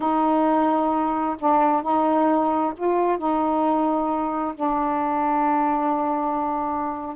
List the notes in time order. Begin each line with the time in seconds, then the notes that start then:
0.00 D#4
1.39 D4
1.82 D#4
2.76 F4
3.18 D#4
4.55 D4